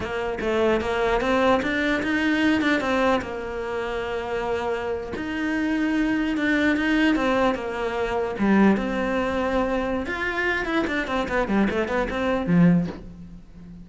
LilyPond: \new Staff \with { instrumentName = "cello" } { \time 4/4 \tempo 4 = 149 ais4 a4 ais4 c'4 | d'4 dis'4. d'8 c'4 | ais1~ | ais8. dis'2. d'16~ |
d'8. dis'4 c'4 ais4~ ais16~ | ais8. g4 c'2~ c'16~ | c'4 f'4. e'8 d'8 c'8 | b8 g8 a8 b8 c'4 f4 | }